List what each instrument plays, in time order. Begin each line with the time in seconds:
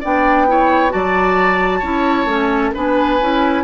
0.00 bassoon B3, clarinet D4, oboe D5, flute G5
0.48 clarinet E4, oboe C#5
0.89 bassoon F#3, clarinet F#4, oboe D5, flute A5
1.79 bassoon C#4, clarinet E4, oboe C#5
2.25 bassoon A3, clarinet C#4
2.74 bassoon B3, clarinet D4, oboe B4, flute G#5
3.20 bassoon C#4, clarinet E4